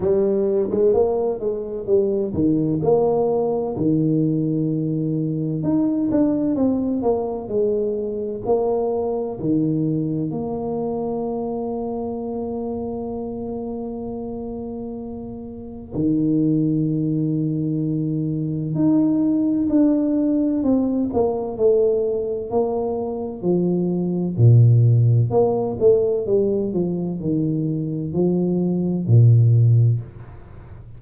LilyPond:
\new Staff \with { instrumentName = "tuba" } { \time 4/4 \tempo 4 = 64 g8. gis16 ais8 gis8 g8 dis8 ais4 | dis2 dis'8 d'8 c'8 ais8 | gis4 ais4 dis4 ais4~ | ais1~ |
ais4 dis2. | dis'4 d'4 c'8 ais8 a4 | ais4 f4 ais,4 ais8 a8 | g8 f8 dis4 f4 ais,4 | }